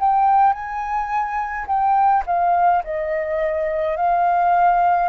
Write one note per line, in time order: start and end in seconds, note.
0.00 0.53 G5
0.53 1.66 G#5
1.67 2.23 G5
2.26 2.83 F5
2.84 3.97 D#5
3.97 5.09 F5